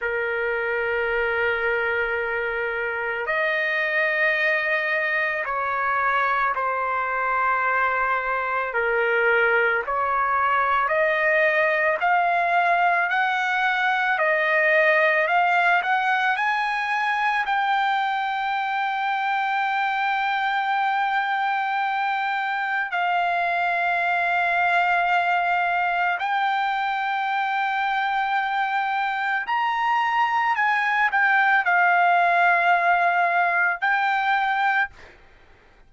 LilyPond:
\new Staff \with { instrumentName = "trumpet" } { \time 4/4 \tempo 4 = 55 ais'2. dis''4~ | dis''4 cis''4 c''2 | ais'4 cis''4 dis''4 f''4 | fis''4 dis''4 f''8 fis''8 gis''4 |
g''1~ | g''4 f''2. | g''2. ais''4 | gis''8 g''8 f''2 g''4 | }